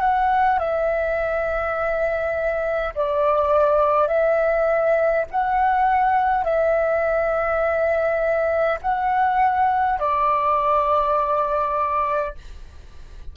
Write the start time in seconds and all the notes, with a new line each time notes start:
0.00 F#5
0.59 E5
2.95 D5
4.07 E5
5.31 F#5
6.44 E5
8.82 F#5
9.99 D5